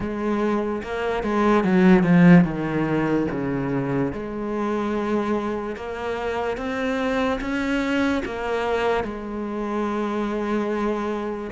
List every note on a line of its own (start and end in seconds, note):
0.00 0.82 G#3
0.83 1.23 A#3
1.23 1.64 G#3
1.64 2.03 F#3
2.03 2.44 F3
2.44 3.27 D#3
3.31 4.12 C#3
4.12 5.76 G#3
5.76 6.57 A#3
6.57 7.39 C4
7.40 8.22 C#4
8.25 9.04 A#3
9.04 11.50 G#3